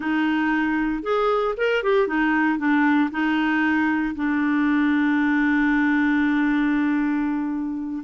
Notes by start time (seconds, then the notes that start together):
0.00 D#4
1.03 G#4
1.57 A#4
1.83 G4
2.07 D#4
2.58 D4
3.11 D#4
4.15 D4